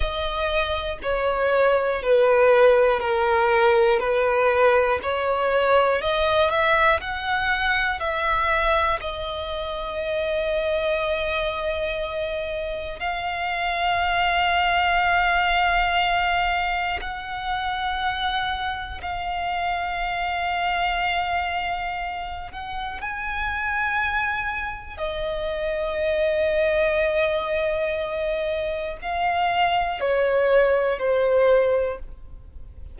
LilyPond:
\new Staff \with { instrumentName = "violin" } { \time 4/4 \tempo 4 = 60 dis''4 cis''4 b'4 ais'4 | b'4 cis''4 dis''8 e''8 fis''4 | e''4 dis''2.~ | dis''4 f''2.~ |
f''4 fis''2 f''4~ | f''2~ f''8 fis''8 gis''4~ | gis''4 dis''2.~ | dis''4 f''4 cis''4 c''4 | }